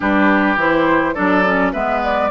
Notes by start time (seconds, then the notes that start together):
0.00 G3 D4 G4 B4
0.56 E3 E4 C5
1.14 F#3 D4 A4 D5
1.45 C#4
1.72 G#3 B3 B4 E5
2.03 D5